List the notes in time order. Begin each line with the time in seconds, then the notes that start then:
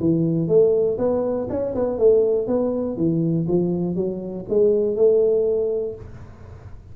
0.00 E3
0.48 A3
0.98 B3
1.49 C#4
1.75 B3
1.99 A3
2.47 B3
2.97 E3
3.48 F3
3.96 F#3
4.49 G#3
4.96 A3